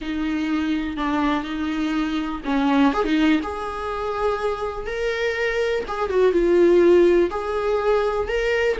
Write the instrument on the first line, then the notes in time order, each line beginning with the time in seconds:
viola
0.01 D#4
0.96 D4
1.43 D#4
2.44 C#4
2.93 G#4
3.04 D#4
3.43 G#4
4.86 A#4
5.87 G#4
6.09 F#4
6.32 F4
7.30 G#4
8.28 A#4